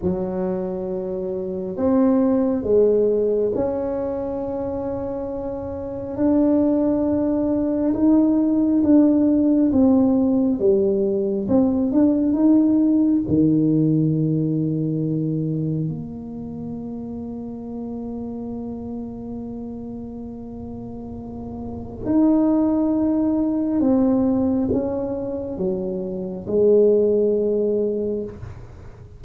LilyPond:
\new Staff \with { instrumentName = "tuba" } { \time 4/4 \tempo 4 = 68 fis2 c'4 gis4 | cis'2. d'4~ | d'4 dis'4 d'4 c'4 | g4 c'8 d'8 dis'4 dis4~ |
dis2 ais2~ | ais1~ | ais4 dis'2 c'4 | cis'4 fis4 gis2 | }